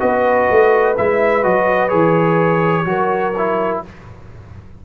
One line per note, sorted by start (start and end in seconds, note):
0.00 0.50 B3
0.00 0.95 F#4
0.00 2.86 B4
0.00 0.96 D#5
0.51 0.98 A3
0.98 1.45 G#3
0.98 1.43 E4
0.98 1.44 E5
1.43 1.93 F#3
1.43 1.90 F#4
1.43 1.89 D#5
1.89 2.86 E3
1.89 2.85 G#4
1.89 3.79 C#5
2.85 3.81 F#3
2.85 3.33 F#4
2.85 3.84 A#4
3.38 3.86 E4